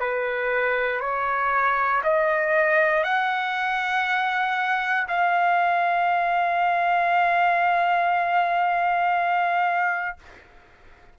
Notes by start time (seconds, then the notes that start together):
0.00 B4
1.00 C#5
2.03 D#5
3.04 F#5
5.08 F5